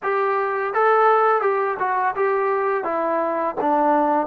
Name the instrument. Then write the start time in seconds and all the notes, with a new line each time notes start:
trombone
0.02 G4
0.73 A4
1.41 G4
1.79 F#4
2.15 G4
2.83 E4
3.61 D4